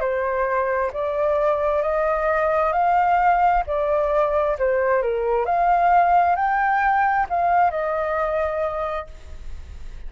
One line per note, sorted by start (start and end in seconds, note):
0.00 0.91 C5
0.93 1.82 D5
1.82 2.72 D#5
2.72 3.63 F5
3.67 4.57 D5
4.58 5.02 C5
5.02 5.45 A#4
5.45 6.36 F5
6.36 7.26 G5
7.29 7.70 F5
7.70 9.07 D#5